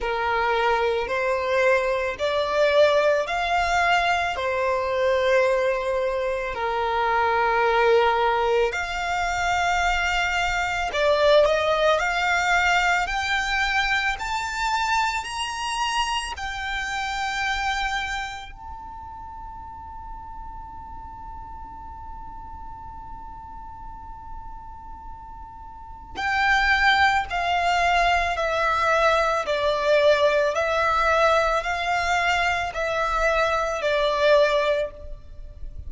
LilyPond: \new Staff \with { instrumentName = "violin" } { \time 4/4 \tempo 4 = 55 ais'4 c''4 d''4 f''4 | c''2 ais'2 | f''2 d''8 dis''8 f''4 | g''4 a''4 ais''4 g''4~ |
g''4 a''2.~ | a''1 | g''4 f''4 e''4 d''4 | e''4 f''4 e''4 d''4 | }